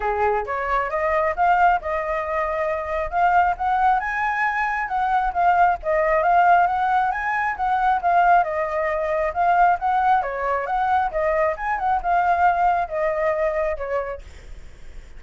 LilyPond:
\new Staff \with { instrumentName = "flute" } { \time 4/4 \tempo 4 = 135 gis'4 cis''4 dis''4 f''4 | dis''2. f''4 | fis''4 gis''2 fis''4 | f''4 dis''4 f''4 fis''4 |
gis''4 fis''4 f''4 dis''4~ | dis''4 f''4 fis''4 cis''4 | fis''4 dis''4 gis''8 fis''8 f''4~ | f''4 dis''2 cis''4 | }